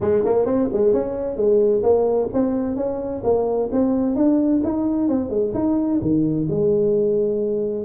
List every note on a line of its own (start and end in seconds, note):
0.00 0.23 G#3
0.25 0.45 A#3
0.45 0.68 C4
0.73 0.93 G#3
0.93 1.36 C#4
1.36 1.82 G#3
1.82 2.28 A#3
2.33 2.76 C4
2.76 3.22 C#4
3.23 3.69 A#3
3.72 4.15 C4
4.15 4.62 D4
4.63 5.08 D#4
5.08 5.29 C4
5.29 5.52 G#3
5.53 6.00 D#4
6.01 6.47 D#3
6.49 7.84 G#3